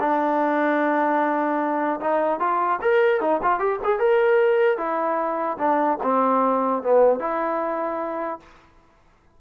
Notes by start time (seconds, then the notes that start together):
0.00 D4
2.00 D#4
2.39 F4
2.81 A#4
3.21 D#4
3.42 F4
3.59 G4
3.84 G#4
3.99 A#4
4.78 E4
5.59 D4
6.03 C4
6.83 B3
7.19 E4